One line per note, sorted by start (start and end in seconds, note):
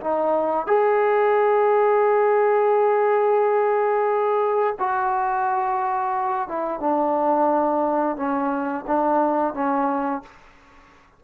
0.00 0.66 D#4
0.66 4.75 G#4
4.79 6.48 F#4
6.48 6.80 E4
6.80 8.16 D4
8.16 8.84 C#4
8.87 9.54 D4
9.54 10.22 C#4